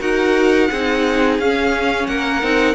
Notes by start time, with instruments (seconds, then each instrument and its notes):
0.00 cello D#4, viola F#4, violin A#4 F#5
0.70 cello C4, viola D#4, violin G#4
1.39 cello C#4, viola C#4, violin F5
2.07 cello A#3, violin A#4 F#5
2.42 cello C4, viola D#4